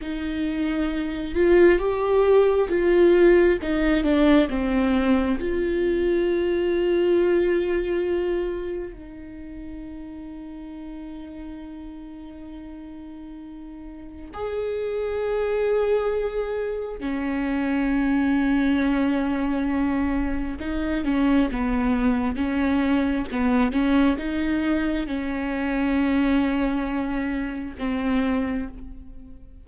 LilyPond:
\new Staff \with { instrumentName = "viola" } { \time 4/4 \tempo 4 = 67 dis'4. f'8 g'4 f'4 | dis'8 d'8 c'4 f'2~ | f'2 dis'2~ | dis'1 |
gis'2. cis'4~ | cis'2. dis'8 cis'8 | b4 cis'4 b8 cis'8 dis'4 | cis'2. c'4 | }